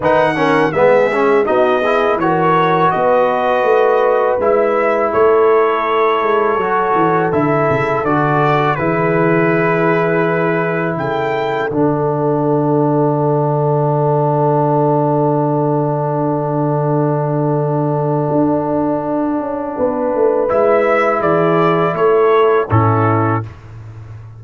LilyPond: <<
  \new Staff \with { instrumentName = "trumpet" } { \time 4/4 \tempo 4 = 82 fis''4 e''4 dis''4 cis''4 | dis''2 e''4 cis''4~ | cis''2 e''4 d''4 | b'2. g''4 |
fis''1~ | fis''1~ | fis''1 | e''4 d''4 cis''4 a'4 | }
  \new Staff \with { instrumentName = "horn" } { \time 4/4 b'8 ais'8 gis'4 fis'8 gis'8 ais'4 | b'2. a'4~ | a'1 | gis'2. a'4~ |
a'1~ | a'1~ | a'2. b'4~ | b'4 gis'4 a'4 e'4 | }
  \new Staff \with { instrumentName = "trombone" } { \time 4/4 dis'8 cis'8 b8 cis'8 dis'8 e'8 fis'4~ | fis'2 e'2~ | e'4 fis'4 e'4 fis'4 | e'1 |
d'1~ | d'1~ | d'1 | e'2. cis'4 | }
  \new Staff \with { instrumentName = "tuba" } { \time 4/4 dis4 gis4 b4 e4 | b4 a4 gis4 a4~ | a8 gis8 fis8 e8 d8 cis8 d4 | e2. cis4 |
d1~ | d1~ | d4 d'4. cis'8 b8 a8 | gis4 e4 a4 a,4 | }
>>